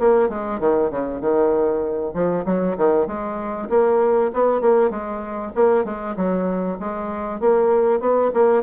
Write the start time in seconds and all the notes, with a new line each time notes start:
0.00 A#3
0.30 G#3
0.60 D#3
0.91 C#3
1.21 D#3
2.14 F3
2.46 F#3
2.78 D#3
3.07 G#3
3.70 A#3
4.34 B3
4.61 A#3
4.91 G#3
5.56 A#3
5.85 G#3
6.17 F#3
6.80 G#3
7.41 A#3
8.01 B3
8.34 A#3